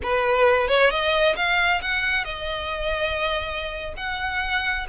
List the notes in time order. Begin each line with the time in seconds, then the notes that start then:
0.02 B4
0.68 C#5
0.90 D#5
1.36 F5
1.81 F#5
2.24 D#5
3.96 F#5